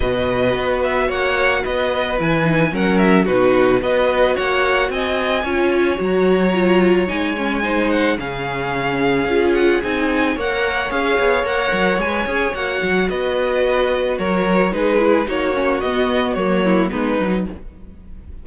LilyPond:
<<
  \new Staff \with { instrumentName = "violin" } { \time 4/4 \tempo 4 = 110 dis''4. e''8 fis''4 dis''4 | gis''4 fis''8 e''8 b'4 dis''4 | fis''4 gis''2 ais''4~ | ais''4 gis''4. fis''8 f''4~ |
f''4. fis''8 gis''4 fis''4 | f''4 fis''4 gis''4 fis''4 | dis''2 cis''4 b'4 | cis''4 dis''4 cis''4 b'4 | }
  \new Staff \with { instrumentName = "violin" } { \time 4/4 b'2 cis''4 b'4~ | b'4 ais'4 fis'4 b'4 | cis''4 dis''4 cis''2~ | cis''2 c''4 gis'4~ |
gis'2. cis''4~ | cis''1 | b'2 ais'4 gis'4 | fis'2~ fis'8 e'8 dis'4 | }
  \new Staff \with { instrumentName = "viola" } { \time 4/4 fis'1 | e'8 dis'8 cis'4 dis'4 fis'4~ | fis'2 f'4 fis'4 | f'4 dis'8 cis'8 dis'4 cis'4~ |
cis'4 f'4 dis'4 ais'4 | gis'4 ais'4 b'8 gis'8 fis'4~ | fis'2. dis'8 e'8 | dis'8 cis'8 b4 ais4 b8 dis'8 | }
  \new Staff \with { instrumentName = "cello" } { \time 4/4 b,4 b4 ais4 b4 | e4 fis4 b,4 b4 | ais4 c'4 cis'4 fis4~ | fis4 gis2 cis4~ |
cis4 cis'4 c'4 ais4 | cis'8 b8 ais8 fis8 gis8 cis'8 ais8 fis8 | b2 fis4 gis4 | ais4 b4 fis4 gis8 fis8 | }
>>